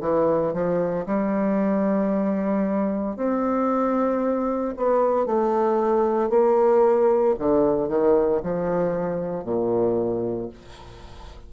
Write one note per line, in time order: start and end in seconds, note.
0.00 0.53 E3
0.53 1.05 F3
1.06 3.16 G3
3.16 4.74 C4
4.77 5.26 B3
5.26 6.29 A3
6.29 7.34 A#3
7.39 7.89 D3
7.89 8.41 D#3
8.43 9.44 F3
9.44 10.49 A#2